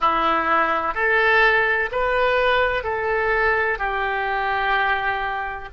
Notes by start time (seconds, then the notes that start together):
0.00 E4
0.94 A4
1.91 B4
2.83 A4
3.78 G4